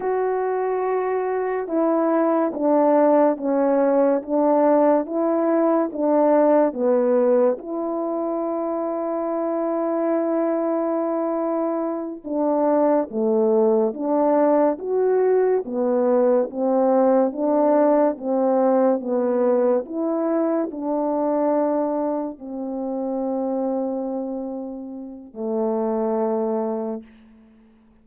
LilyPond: \new Staff \with { instrumentName = "horn" } { \time 4/4 \tempo 4 = 71 fis'2 e'4 d'4 | cis'4 d'4 e'4 d'4 | b4 e'2.~ | e'2~ e'8 d'4 a8~ |
a8 d'4 fis'4 b4 c'8~ | c'8 d'4 c'4 b4 e'8~ | e'8 d'2 c'4.~ | c'2 a2 | }